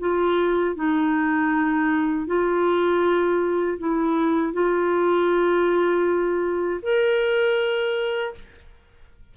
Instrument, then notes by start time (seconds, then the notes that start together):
clarinet
0.00 F4
0.76 D#4
2.27 F4
3.79 E4
4.53 F4
6.83 A#4